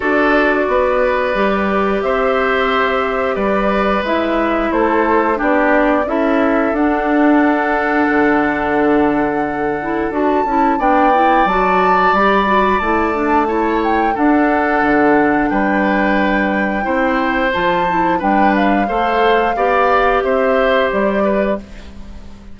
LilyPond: <<
  \new Staff \with { instrumentName = "flute" } { \time 4/4 \tempo 4 = 89 d''2. e''4~ | e''4 d''4 e''4 c''4 | d''4 e''4 fis''2~ | fis''2. a''4 |
g''4 a''4 b''4 a''4~ | a''8 g''8 fis''2 g''4~ | g''2 a''4 g''8 f''8~ | f''2 e''4 d''4 | }
  \new Staff \with { instrumentName = "oboe" } { \time 4/4 a'4 b'2 c''4~ | c''4 b'2 a'4 | g'4 a'2.~ | a'1 |
d''1 | cis''4 a'2 b'4~ | b'4 c''2 b'4 | c''4 d''4 c''4. b'8 | }
  \new Staff \with { instrumentName = "clarinet" } { \time 4/4 fis'2 g'2~ | g'2 e'2 | d'4 e'4 d'2~ | d'2~ d'8 e'8 fis'8 e'8 |
d'8 e'8 fis'4 g'8 fis'8 e'8 d'8 | e'4 d'2.~ | d'4 e'4 f'8 e'8 d'4 | a'4 g'2. | }
  \new Staff \with { instrumentName = "bassoon" } { \time 4/4 d'4 b4 g4 c'4~ | c'4 g4 gis4 a4 | b4 cis'4 d'2 | d2. d'8 cis'8 |
b4 fis4 g4 a4~ | a4 d'4 d4 g4~ | g4 c'4 f4 g4 | a4 b4 c'4 g4 | }
>>